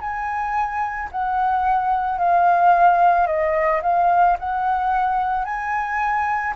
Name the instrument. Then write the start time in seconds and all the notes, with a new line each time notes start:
flute
0.00 G#5
1.11 F#5
2.18 F5
3.26 D#5
3.82 F5
4.39 F#5
5.44 G#5